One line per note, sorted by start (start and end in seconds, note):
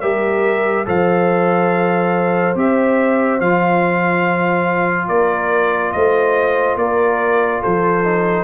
0.00 0.86 G3
0.00 0.85 G4
0.00 0.86 A#4
0.00 0.85 E5
0.85 2.55 F3
0.85 2.54 A4
0.85 5.08 C5
0.85 2.57 F5
2.55 3.39 C4
2.55 3.40 G4
2.55 3.40 E5
3.39 5.08 F3
3.39 8.04 F4
3.39 5.08 F5
5.08 5.93 A#3
5.08 5.92 A#4
5.08 5.91 D5
5.91 6.75 A3
5.91 6.78 C5
5.91 6.76 D#5
6.75 7.60 A#3
6.75 7.60 A#4
6.75 7.62 D5
7.60 8.44 F3
7.60 8.44 A4
7.60 8.44 C5
8.04 8.44 D#4